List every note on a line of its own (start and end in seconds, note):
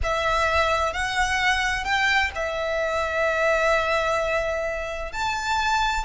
0.03 0.93 E5
0.93 1.84 F#5
1.84 2.30 G5
2.35 5.12 E5
5.12 6.04 A5